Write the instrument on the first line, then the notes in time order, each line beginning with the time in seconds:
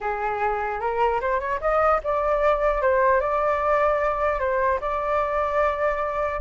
flute
0.01 G#4
0.80 A#4
1.21 C5
1.40 C#5
1.60 D#5
2.03 D5
2.81 C5
3.20 D5
4.39 C5
4.81 D5